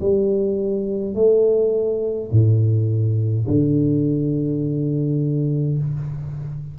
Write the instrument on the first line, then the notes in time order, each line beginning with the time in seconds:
tuba
0.00 G3
1.14 A3
2.31 A2
3.47 D3